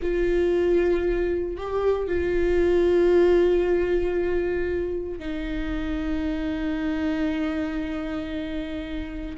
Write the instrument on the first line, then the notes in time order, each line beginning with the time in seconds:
viola
0.02 F4
1.56 G4
2.07 F4
5.19 D#4